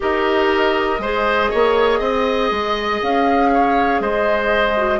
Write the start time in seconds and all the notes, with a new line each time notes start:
0.00 D#4 G4 A#4 D#5
0.99 G#3 G#4 C5
1.50 A#3 C#5
1.99 C4 D#5
2.50 G#3
3.02 C#4 F5
3.53 C#5
4.00 G#3 C5 D#5
4.77 F#4